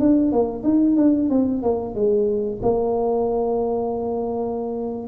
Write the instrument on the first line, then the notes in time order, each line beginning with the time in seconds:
tuba
0.00 D4
0.32 A#3
0.64 D#4
0.97 D4
1.30 C4
1.63 A#3
1.95 G#3
2.63 A#3